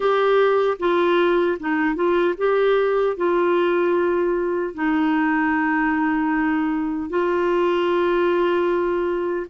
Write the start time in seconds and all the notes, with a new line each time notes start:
0.00 G4
0.79 F4
1.59 D#4
1.95 F4
2.37 G4
3.16 F4
4.74 D#4
7.09 F4